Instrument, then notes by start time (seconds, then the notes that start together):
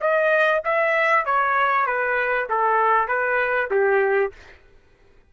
trumpet
0.00 D#5
0.64 E5
1.25 C#5
1.86 B4
2.49 A4
3.08 B4
3.70 G4